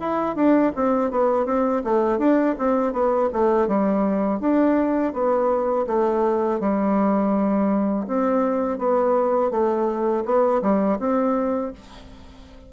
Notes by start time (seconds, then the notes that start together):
0.00 E4
0.36 D4
0.76 C4
1.11 B3
1.46 C4
1.84 A3
2.19 D4
2.58 C4
2.93 B3
3.33 A3
3.68 G3
4.40 D4
5.13 B3
5.87 A3
6.60 G3
8.08 C4
8.79 B3
9.51 A3
10.25 B3
10.62 G3
11.00 C4